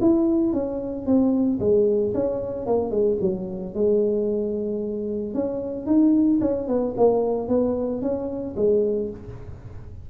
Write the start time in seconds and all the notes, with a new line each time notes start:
0.00 E4
0.53 C#4
1.06 C4
1.59 G#3
2.14 C#4
2.66 A#3
2.90 G#3
3.20 F#3
3.74 G#3
5.34 C#4
5.86 D#4
6.41 C#4
6.67 B3
6.97 A#3
7.48 B3
8.01 C#4
8.56 G#3